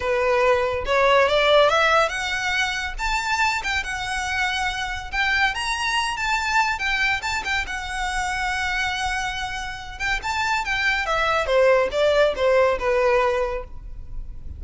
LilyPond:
\new Staff \with { instrumentName = "violin" } { \time 4/4 \tempo 4 = 141 b'2 cis''4 d''4 | e''4 fis''2 a''4~ | a''8 g''8 fis''2. | g''4 ais''4. a''4. |
g''4 a''8 g''8 fis''2~ | fis''2.~ fis''8 g''8 | a''4 g''4 e''4 c''4 | d''4 c''4 b'2 | }